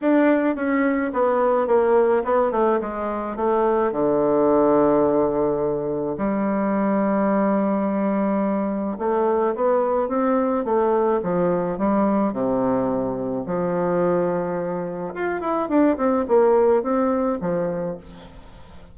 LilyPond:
\new Staff \with { instrumentName = "bassoon" } { \time 4/4 \tempo 4 = 107 d'4 cis'4 b4 ais4 | b8 a8 gis4 a4 d4~ | d2. g4~ | g1 |
a4 b4 c'4 a4 | f4 g4 c2 | f2. f'8 e'8 | d'8 c'8 ais4 c'4 f4 | }